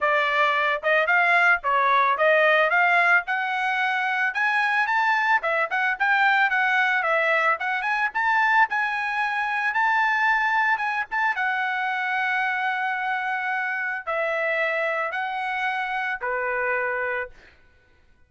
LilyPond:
\new Staff \with { instrumentName = "trumpet" } { \time 4/4 \tempo 4 = 111 d''4. dis''8 f''4 cis''4 | dis''4 f''4 fis''2 | gis''4 a''4 e''8 fis''8 g''4 | fis''4 e''4 fis''8 gis''8 a''4 |
gis''2 a''2 | gis''8 a''8 fis''2.~ | fis''2 e''2 | fis''2 b'2 | }